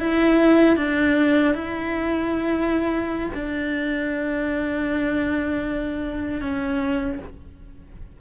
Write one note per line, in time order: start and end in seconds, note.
0.00 0.77 E4
0.77 1.55 D4
1.55 3.30 E4
3.34 6.41 D4
6.41 7.19 C#4